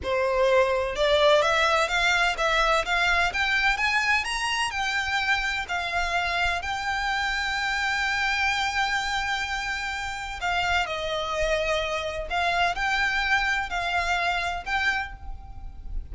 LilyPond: \new Staff \with { instrumentName = "violin" } { \time 4/4 \tempo 4 = 127 c''2 d''4 e''4 | f''4 e''4 f''4 g''4 | gis''4 ais''4 g''2 | f''2 g''2~ |
g''1~ | g''2 f''4 dis''4~ | dis''2 f''4 g''4~ | g''4 f''2 g''4 | }